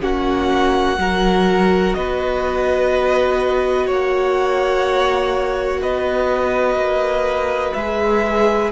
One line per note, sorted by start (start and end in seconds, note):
0.00 0.97 A#3
0.00 0.97 C#4
0.00 0.99 F#4
0.00 1.94 F#5
0.97 1.94 F#3
0.97 7.76 F#4
0.97 1.96 A#4
1.94 3.89 B3
1.94 3.86 B4
1.94 3.87 D#5
3.86 5.82 A#3
3.86 5.80 C#5
3.86 5.82 F#5
5.81 6.75 B3
5.81 8.72 B4
5.81 7.73 D#5
6.75 7.72 A#3
7.73 8.72 G#3
7.73 8.72 G#4
7.73 8.70 E5